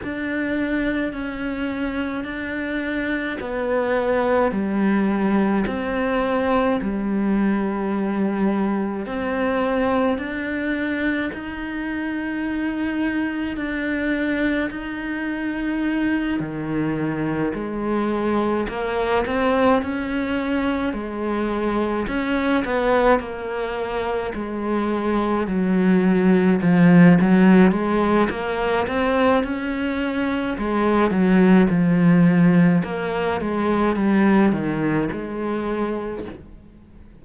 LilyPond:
\new Staff \with { instrumentName = "cello" } { \time 4/4 \tempo 4 = 53 d'4 cis'4 d'4 b4 | g4 c'4 g2 | c'4 d'4 dis'2 | d'4 dis'4. dis4 gis8~ |
gis8 ais8 c'8 cis'4 gis4 cis'8 | b8 ais4 gis4 fis4 f8 | fis8 gis8 ais8 c'8 cis'4 gis8 fis8 | f4 ais8 gis8 g8 dis8 gis4 | }